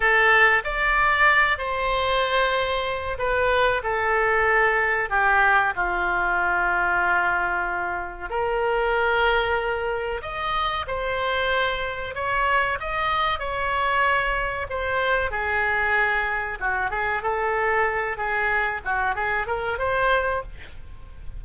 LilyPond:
\new Staff \with { instrumentName = "oboe" } { \time 4/4 \tempo 4 = 94 a'4 d''4. c''4.~ | c''4 b'4 a'2 | g'4 f'2.~ | f'4 ais'2. |
dis''4 c''2 cis''4 | dis''4 cis''2 c''4 | gis'2 fis'8 gis'8 a'4~ | a'8 gis'4 fis'8 gis'8 ais'8 c''4 | }